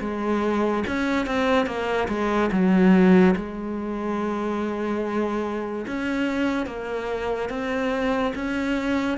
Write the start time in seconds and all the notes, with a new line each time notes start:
0.00 G#3
0.87 C#4
1.26 C4
1.66 A#3
2.08 G#3
2.52 F#3
3.36 G#3
5.87 C#4
6.66 A#3
7.49 C4
8.35 C#4